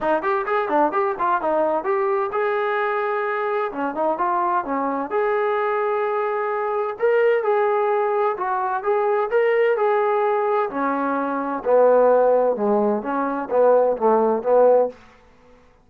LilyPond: \new Staff \with { instrumentName = "trombone" } { \time 4/4 \tempo 4 = 129 dis'8 g'8 gis'8 d'8 g'8 f'8 dis'4 | g'4 gis'2. | cis'8 dis'8 f'4 cis'4 gis'4~ | gis'2. ais'4 |
gis'2 fis'4 gis'4 | ais'4 gis'2 cis'4~ | cis'4 b2 gis4 | cis'4 b4 a4 b4 | }